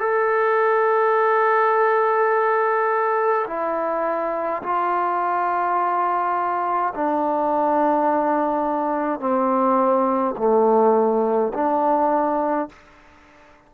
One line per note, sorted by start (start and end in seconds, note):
0.00 3.46 A4
3.47 4.62 E4
4.63 6.93 F4
6.94 9.20 D4
9.20 10.35 C4
10.37 11.53 A3
11.54 12.69 D4